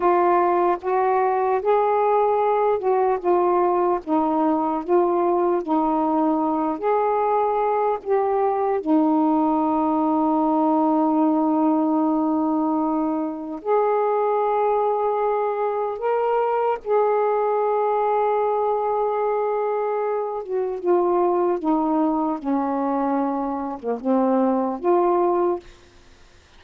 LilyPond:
\new Staff \with { instrumentName = "saxophone" } { \time 4/4 \tempo 4 = 75 f'4 fis'4 gis'4. fis'8 | f'4 dis'4 f'4 dis'4~ | dis'8 gis'4. g'4 dis'4~ | dis'1~ |
dis'4 gis'2. | ais'4 gis'2.~ | gis'4. fis'8 f'4 dis'4 | cis'4.~ cis'16 ais16 c'4 f'4 | }